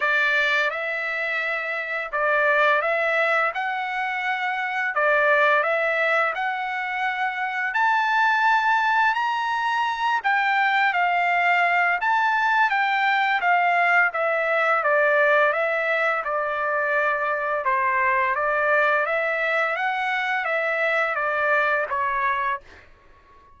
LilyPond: \new Staff \with { instrumentName = "trumpet" } { \time 4/4 \tempo 4 = 85 d''4 e''2 d''4 | e''4 fis''2 d''4 | e''4 fis''2 a''4~ | a''4 ais''4. g''4 f''8~ |
f''4 a''4 g''4 f''4 | e''4 d''4 e''4 d''4~ | d''4 c''4 d''4 e''4 | fis''4 e''4 d''4 cis''4 | }